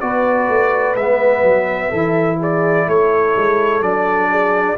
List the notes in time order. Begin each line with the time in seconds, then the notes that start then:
0.00 B3 F#4 B4 D5
0.48 A3
0.95 G#3 B3 E5
1.42 F#3
1.89 E3 E4 A4
2.39 G#4 D5
2.87 A3 A4 C#5
3.36 G#3
3.81 F#3 D4 D5
4.31 G#4